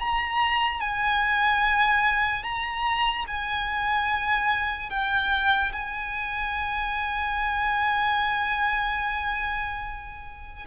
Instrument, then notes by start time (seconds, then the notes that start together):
violin
0.00 A#5
0.81 G#5
2.44 A#5
3.28 G#5
4.90 G5
5.73 G#5